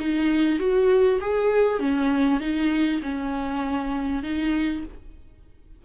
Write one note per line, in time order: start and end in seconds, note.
0.00 0.59 D#4
0.59 1.20 F#4
1.21 1.80 G#4
1.80 2.40 C#4
2.41 3.01 D#4
3.03 4.23 C#4
4.23 4.84 D#4